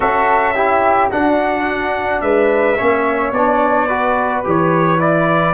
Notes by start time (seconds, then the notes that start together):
0.00 C#4 F#4 A4 E5
0.54 E4 G4
1.09 D4 F#4 F#5
2.21 G#3 B4 E5
2.77 A#3 C#4 C#5
3.31 B3 D4 D5
3.87 F#4 B4
4.44 E3 G4 C#5
4.98 E4 D5